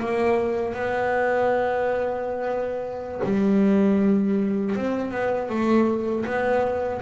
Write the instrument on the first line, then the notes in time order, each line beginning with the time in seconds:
double bass
0.00 A#3
0.75 B3
3.25 G3
4.76 C4
5.12 B3
5.50 A3
6.26 B3